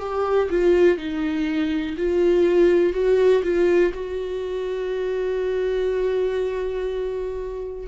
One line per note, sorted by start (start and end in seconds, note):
0.00 0.49 G4
0.50 0.97 F4
0.97 1.96 D#4
1.97 2.93 F4
2.93 3.42 F#4
3.43 3.93 F4
3.93 7.87 F#4